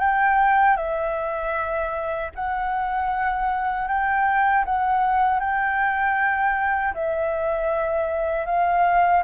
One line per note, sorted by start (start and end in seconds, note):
0.00 0.77 G5
0.77 2.30 E5
2.35 3.88 F#5
3.88 4.65 G5
4.65 5.40 F#5
5.40 6.94 G5
6.94 8.46 E5
8.46 9.23 F5